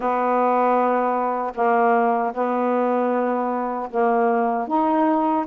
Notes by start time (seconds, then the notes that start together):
0.00 B3
1.54 A#3
2.33 B3
3.90 A#3
4.68 D#4